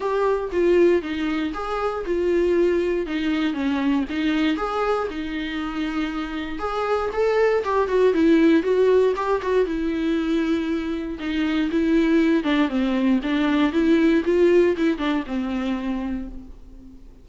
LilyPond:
\new Staff \with { instrumentName = "viola" } { \time 4/4 \tempo 4 = 118 g'4 f'4 dis'4 gis'4 | f'2 dis'4 cis'4 | dis'4 gis'4 dis'2~ | dis'4 gis'4 a'4 g'8 fis'8 |
e'4 fis'4 g'8 fis'8 e'4~ | e'2 dis'4 e'4~ | e'8 d'8 c'4 d'4 e'4 | f'4 e'8 d'8 c'2 | }